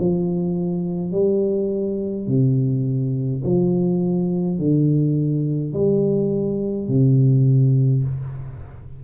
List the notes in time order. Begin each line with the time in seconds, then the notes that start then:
0.00 F3
1.12 G3
2.28 C3
3.45 F3
4.59 D3
5.74 G3
6.89 C3